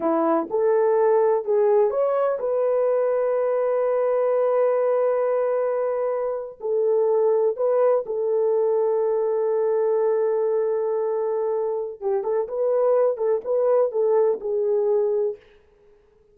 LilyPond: \new Staff \with { instrumentName = "horn" } { \time 4/4 \tempo 4 = 125 e'4 a'2 gis'4 | cis''4 b'2.~ | b'1~ | b'4.~ b'16 a'2 b'16~ |
b'8. a'2.~ a'16~ | a'1~ | a'4 g'8 a'8 b'4. a'8 | b'4 a'4 gis'2 | }